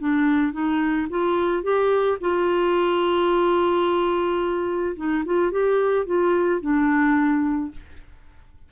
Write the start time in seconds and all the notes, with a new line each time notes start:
0.00 D4
0.53 D#4
1.10 F4
1.63 G4
2.21 F4
4.97 D#4
5.26 F4
5.52 G4
6.06 F4
6.61 D4